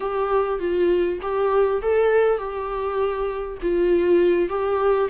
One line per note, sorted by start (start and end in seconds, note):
0.00 0.59 G4
0.59 1.19 F4
1.21 1.81 G4
1.82 2.38 A4
2.38 3.58 G4
3.62 4.49 F4
4.49 5.09 G4